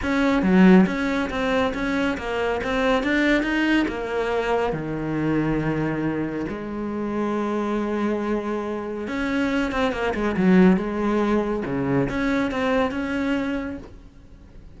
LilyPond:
\new Staff \with { instrumentName = "cello" } { \time 4/4 \tempo 4 = 139 cis'4 fis4 cis'4 c'4 | cis'4 ais4 c'4 d'4 | dis'4 ais2 dis4~ | dis2. gis4~ |
gis1~ | gis4 cis'4. c'8 ais8 gis8 | fis4 gis2 cis4 | cis'4 c'4 cis'2 | }